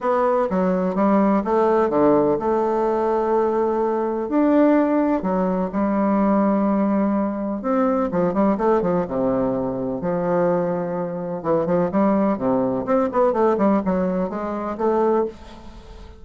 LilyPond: \new Staff \with { instrumentName = "bassoon" } { \time 4/4 \tempo 4 = 126 b4 fis4 g4 a4 | d4 a2.~ | a4 d'2 fis4 | g1 |
c'4 f8 g8 a8 f8 c4~ | c4 f2. | e8 f8 g4 c4 c'8 b8 | a8 g8 fis4 gis4 a4 | }